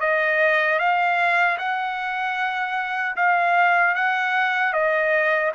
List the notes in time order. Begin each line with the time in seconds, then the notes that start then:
0.00 D#5
0.79 F5
1.58 F#5
3.16 F5
3.95 F#5
4.73 D#5